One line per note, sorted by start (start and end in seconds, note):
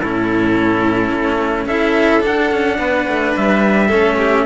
0.00 1.11 A2
0.00 1.68 C#4
0.00 1.66 E4
0.00 1.67 A4
1.11 1.66 A3
1.66 2.21 C#4
1.66 2.21 E4
1.66 2.78 A4
1.66 2.22 E5
2.21 3.87 D4
2.21 2.51 D4
2.21 3.37 F#5
2.51 2.78 C#4
2.78 3.06 B3
2.78 3.87 B4
3.08 3.36 A3
3.37 3.93 G3
3.37 4.46 E5
3.87 4.46 A3
3.87 4.46 C#4
3.87 4.15 A4
4.18 4.45 G4